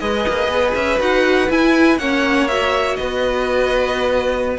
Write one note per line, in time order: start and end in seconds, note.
0.00 0.26 G#3
0.00 0.99 G#4
0.00 1.99 B4
0.00 0.74 D#5
0.28 0.48 A#3
0.48 0.73 B3
0.75 1.00 C#4
0.75 1.00 E5
0.99 1.50 D#4
0.99 1.49 F#4
0.99 1.51 F#5
1.50 1.99 E4
1.50 1.98 E4
1.50 1.98 G#5
1.98 2.97 A#3
1.98 2.49 C#4
1.98 2.98 C#5
1.98 2.48 F#5
2.48 4.59 F#4
2.48 2.96 E5
2.96 4.59 B3
2.96 4.59 B4
2.96 4.57 D#5